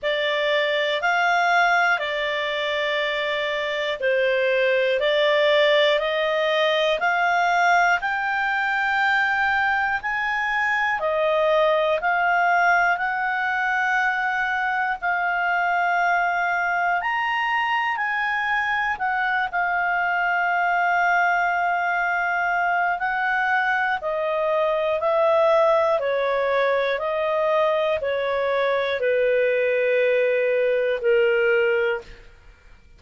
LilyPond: \new Staff \with { instrumentName = "clarinet" } { \time 4/4 \tempo 4 = 60 d''4 f''4 d''2 | c''4 d''4 dis''4 f''4 | g''2 gis''4 dis''4 | f''4 fis''2 f''4~ |
f''4 ais''4 gis''4 fis''8 f''8~ | f''2. fis''4 | dis''4 e''4 cis''4 dis''4 | cis''4 b'2 ais'4 | }